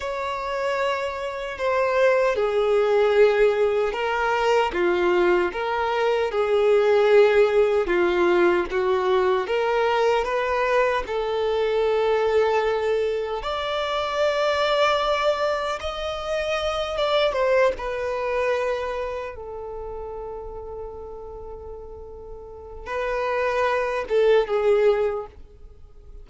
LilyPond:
\new Staff \with { instrumentName = "violin" } { \time 4/4 \tempo 4 = 76 cis''2 c''4 gis'4~ | gis'4 ais'4 f'4 ais'4 | gis'2 f'4 fis'4 | ais'4 b'4 a'2~ |
a'4 d''2. | dis''4. d''8 c''8 b'4.~ | b'8 a'2.~ a'8~ | a'4 b'4. a'8 gis'4 | }